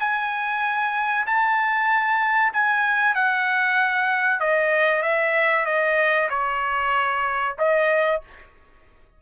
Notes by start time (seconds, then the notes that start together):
0.00 G#5
1.27 A5
2.54 G#5
3.16 F#5
4.40 D#5
5.03 E5
5.66 D#5
6.30 C#5
7.59 D#5